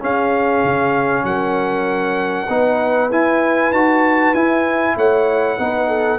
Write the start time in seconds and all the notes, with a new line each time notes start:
0.00 C#4 G#4 F5
0.64 C#3
1.24 F#3 A#4 F#5
2.49 B3 D#4 B4
3.11 E4 G#5
3.71 D#4 F#4 A5
4.34 E4 G#5
4.96 A3 C#5 F#5
5.59 B3 D#4 B4
5.88 A4